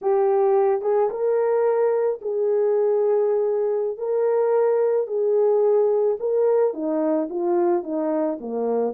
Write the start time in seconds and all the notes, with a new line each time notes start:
0.01 G4
0.81 G#4
1.10 A#4
2.21 G#4
3.97 A#4
5.07 G#4
6.19 A#4
6.73 D#4
7.29 F4
7.83 D#4
8.40 A#3